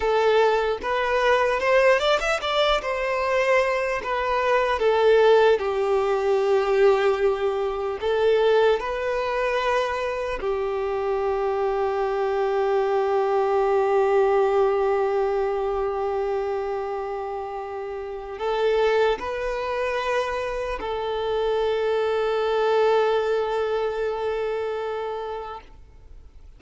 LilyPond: \new Staff \with { instrumentName = "violin" } { \time 4/4 \tempo 4 = 75 a'4 b'4 c''8 d''16 e''16 d''8 c''8~ | c''4 b'4 a'4 g'4~ | g'2 a'4 b'4~ | b'4 g'2.~ |
g'1~ | g'2. a'4 | b'2 a'2~ | a'1 | }